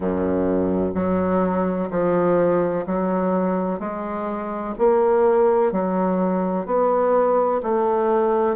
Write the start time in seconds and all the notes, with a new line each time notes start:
0.00 F#2
0.94 F#3
1.90 F3
2.86 F#3
3.79 G#3
4.78 A#3
5.71 F#3
6.66 B3
7.62 A3